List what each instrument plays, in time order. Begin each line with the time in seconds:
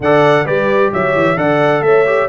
0.00 tuba D3, trombone A4, horn D5, trumpet F#5
0.45 tuba G3, trombone G4, horn B4, trumpet D5
0.92 tuba F#3, horn C#5, trumpet E5
1.15 tuba E3
1.36 tuba D3, trombone A4, horn D5, trumpet F#5
1.81 tuba A3, horn C#5, trumpet E5
2.05 trombone G4